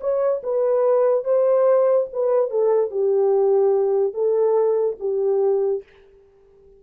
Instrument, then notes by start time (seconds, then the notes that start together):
horn
0.00 C#5
0.43 B4
1.24 C5
2.12 B4
2.50 A4
2.91 G4
4.13 A4
4.99 G4